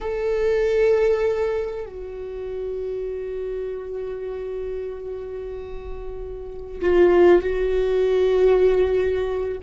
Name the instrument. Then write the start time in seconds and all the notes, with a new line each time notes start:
viola
0.01 A4
1.86 F#4
6.81 F4
7.41 F#4